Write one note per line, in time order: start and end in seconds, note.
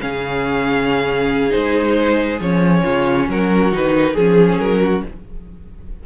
0.00 1.54 C#3
0.00 1.50 C#4
0.00 2.82 G#4
0.00 1.51 F5
1.50 2.40 G#3
1.50 2.37 D#4
1.50 2.39 C5
2.40 2.83 F3
2.40 3.72 C#4
2.40 3.28 C#5
2.82 3.28 C#3
2.82 3.26 F4
3.28 3.71 F#3
3.28 4.13 F#4
3.28 3.74 A#4
3.72 4.15 D#3
3.72 4.16 D#4
3.72 4.16 B4
4.13 4.58 F3
4.13 5.05 C#4
4.13 4.78 G#4
4.13 4.59 G#4
4.58 5.02 F#3
4.58 5.03 A#4
4.81 5.03 F#4